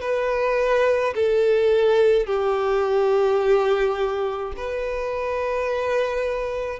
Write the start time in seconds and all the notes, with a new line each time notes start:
0.00 B4
1.14 A4
2.26 G4
4.56 B4